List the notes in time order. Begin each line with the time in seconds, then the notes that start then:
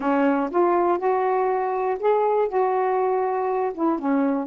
0.00 C#4
0.50 F4
0.98 F#4
1.99 G#4
2.48 F#4
3.74 E4
3.98 C#4